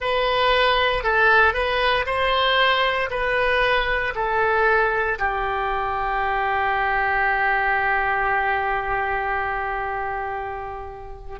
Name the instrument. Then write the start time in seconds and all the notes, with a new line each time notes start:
oboe
0.00 B4
1.03 A4
1.53 B4
2.05 C5
3.10 B4
4.15 A4
5.19 G4